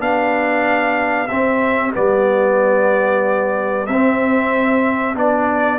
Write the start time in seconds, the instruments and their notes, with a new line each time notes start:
0.00 tuba B3, trombone D4, horn G4, trumpet F5
1.28 trombone C4, tuba C4, trumpet E5
1.94 tuba G3, trombone B3, trumpet D5
3.87 tuba C4, trumpet E5
3.93 trombone C4
5.15 tuba B3, trombone D4, trumpet D5